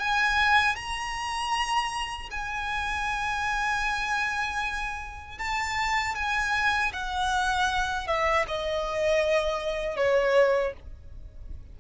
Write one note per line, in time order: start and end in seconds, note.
0.00 0.76 G#5
0.76 2.30 A#5
2.31 5.38 G#5
5.38 6.15 A5
6.15 6.92 G#5
6.93 8.07 F#5
8.07 8.46 E5
8.48 9.96 D#5
9.96 10.73 C#5